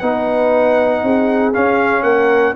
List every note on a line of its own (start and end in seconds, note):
0.00 1.04 B3
0.00 1.54 D#4
0.00 1.02 B4
0.00 1.53 F#5
1.04 1.55 C4
1.04 2.03 G#4
1.54 2.55 C#4
1.54 2.03 C#4
1.54 2.03 F5
2.03 2.54 A#3
2.03 2.54 A#4
2.03 2.54 F#5